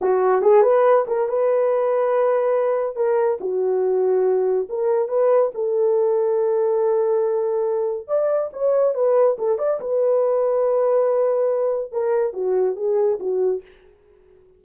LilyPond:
\new Staff \with { instrumentName = "horn" } { \time 4/4 \tempo 4 = 141 fis'4 gis'8 b'4 ais'8 b'4~ | b'2. ais'4 | fis'2. ais'4 | b'4 a'2.~ |
a'2. d''4 | cis''4 b'4 a'8 d''8 b'4~ | b'1 | ais'4 fis'4 gis'4 fis'4 | }